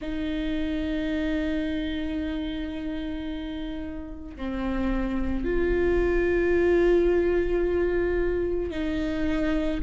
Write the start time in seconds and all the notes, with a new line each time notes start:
0.00 D#4
4.36 C4
5.44 F4
8.70 D#4